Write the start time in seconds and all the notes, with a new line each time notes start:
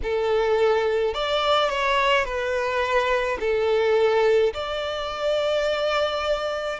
0.03 A4
1.14 D5
1.69 C#5
2.24 B4
3.40 A4
4.53 D5